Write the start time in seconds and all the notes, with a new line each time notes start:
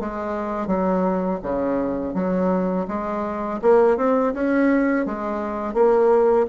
0.00 G#3
0.67 F#3
1.43 C#3
2.15 F#3
2.88 G#3
3.62 A#3
3.97 C4
4.34 C#4
5.06 G#3
5.74 A#3